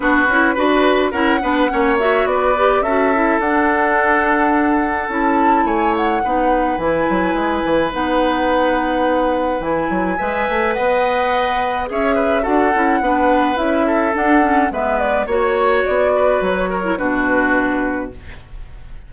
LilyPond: <<
  \new Staff \with { instrumentName = "flute" } { \time 4/4 \tempo 4 = 106 b'2 fis''4. e''8 | d''4 e''4 fis''2~ | fis''4 a''4 gis''8 fis''4. | gis''2 fis''2~ |
fis''4 gis''2 fis''4~ | fis''4 e''4 fis''2 | e''4 fis''4 e''8 d''8 cis''4 | d''4 cis''4 b'2 | }
  \new Staff \with { instrumentName = "oboe" } { \time 4/4 fis'4 b'4 ais'8 b'8 cis''4 | b'4 a'2.~ | a'2 cis''4 b'4~ | b'1~ |
b'2 e''4 dis''4~ | dis''4 cis''8 b'8 a'4 b'4~ | b'8 a'4. b'4 cis''4~ | cis''8 b'4 ais'8 fis'2 | }
  \new Staff \with { instrumentName = "clarinet" } { \time 4/4 d'8 e'8 fis'4 e'8 d'8 cis'8 fis'8~ | fis'8 g'8 fis'8 e'8 d'2~ | d'4 e'2 dis'4 | e'2 dis'2~ |
dis'4 e'4 b'2~ | b'4 gis'4 fis'8 e'8 d'4 | e'4 d'8 cis'8 b4 fis'4~ | fis'4.~ fis'16 e'16 d'2 | }
  \new Staff \with { instrumentName = "bassoon" } { \time 4/4 b8 cis'8 d'4 cis'8 b8 ais4 | b4 cis'4 d'2~ | d'4 cis'4 a4 b4 | e8 fis8 gis8 e8 b2~ |
b4 e8 fis8 gis8 a8 b4~ | b4 cis'4 d'8 cis'8 b4 | cis'4 d'4 gis4 ais4 | b4 fis4 b,2 | }
>>